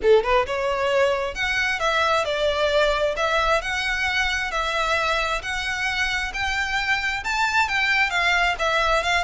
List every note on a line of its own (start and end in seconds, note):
0.02 0.23 A4
0.23 0.46 B4
0.46 1.35 C#5
1.35 1.79 F#5
1.79 2.24 E5
2.25 3.15 D5
3.16 3.61 E5
3.61 4.51 F#5
4.51 5.41 E5
5.42 6.32 F#5
6.33 7.23 G5
7.24 7.68 A5
7.68 8.10 G5
8.10 8.55 F5
8.58 9.03 E5
9.03 9.24 F5